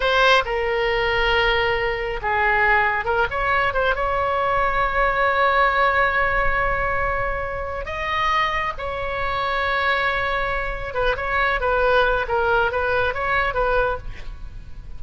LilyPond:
\new Staff \with { instrumentName = "oboe" } { \time 4/4 \tempo 4 = 137 c''4 ais'2.~ | ais'4 gis'2 ais'8 cis''8~ | cis''8 c''8 cis''2.~ | cis''1~ |
cis''2 dis''2 | cis''1~ | cis''4 b'8 cis''4 b'4. | ais'4 b'4 cis''4 b'4 | }